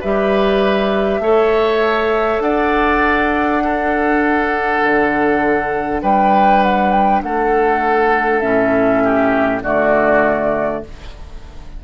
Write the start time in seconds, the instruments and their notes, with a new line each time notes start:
0.00 bassoon G3, clarinet G4, oboe B4, flute E5
1.19 bassoon A3, clarinet A4, oboe C#5
2.40 bassoon D4, oboe D5, flute F#5
3.62 clarinet D4, oboe A4
4.83 bassoon D3
6.02 bassoon G3, oboe B4, flute G5
6.62 flute F#5
6.92 flute G5
7.23 bassoon A3, oboe A4, flute F#5
8.40 bassoon A2, clarinet C#4, flute E5
9.04 oboe G4
9.63 bassoon D3, clarinet A3, oboe F#4, flute D5